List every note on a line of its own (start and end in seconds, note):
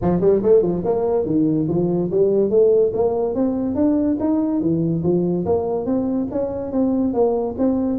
0.01 0.21 F3
0.21 0.42 G3
0.42 0.62 A3
0.62 0.83 F3
0.84 1.25 A#3
1.25 1.67 D#3
1.68 2.10 F3
2.11 2.50 G3
2.50 2.92 A3
2.93 3.35 A#3
3.35 3.75 C4
3.75 4.17 D4
4.20 4.60 D#4
4.60 5.02 E3
5.03 5.45 F3
5.45 5.85 A#3
5.85 6.27 C4
6.31 6.71 C#4
6.71 7.13 C4
7.13 7.55 A#3
7.57 7.98 C4